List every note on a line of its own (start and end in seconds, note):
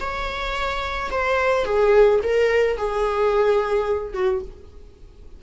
0.00 1.10 C#5
1.11 1.65 C5
1.65 2.20 G#4
2.23 2.77 A#4
2.77 4.14 G#4
4.14 4.41 F#4